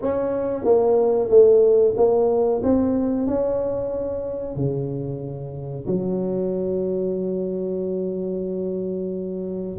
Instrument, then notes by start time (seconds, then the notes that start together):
tuba
0.01 C#4
0.64 A#3
1.29 A3
1.97 A#3
2.63 C4
3.26 C#4
4.55 C#3
5.86 F#3